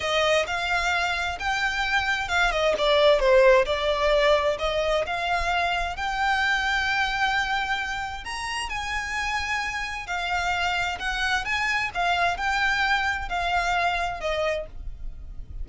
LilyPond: \new Staff \with { instrumentName = "violin" } { \time 4/4 \tempo 4 = 131 dis''4 f''2 g''4~ | g''4 f''8 dis''8 d''4 c''4 | d''2 dis''4 f''4~ | f''4 g''2.~ |
g''2 ais''4 gis''4~ | gis''2 f''2 | fis''4 gis''4 f''4 g''4~ | g''4 f''2 dis''4 | }